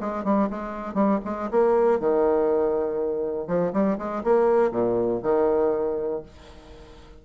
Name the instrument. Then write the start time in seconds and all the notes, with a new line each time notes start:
bassoon
0.00 G#3
0.24 G3
0.50 G#3
0.94 G3
1.25 G#3
1.51 A#3
2.00 D#3
3.47 F3
3.73 G3
3.98 G#3
4.23 A#3
4.71 A#2
5.22 D#3